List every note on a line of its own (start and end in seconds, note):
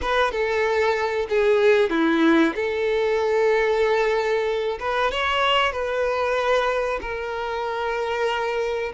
0.01 0.31 B4
0.31 1.27 A4
1.29 1.90 G#4
1.90 2.54 E4
2.55 4.78 A4
4.79 5.11 B4
5.11 5.72 C#5
5.72 6.99 B4
7.01 8.92 A#4